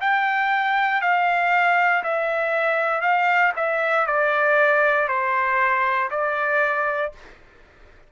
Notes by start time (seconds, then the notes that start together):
0.00 G5
1.01 F5
2.03 E5
3.01 F5
3.56 E5
4.06 D5
5.08 C5
6.10 D5